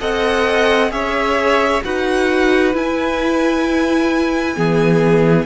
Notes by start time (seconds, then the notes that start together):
0.00 C4 A4 D#5 F#5
0.90 C#4 G#4 C#5 E5
1.84 D#4 F#4 B4 F#5
2.73 E4 G#5
4.55 E3 B3 G#4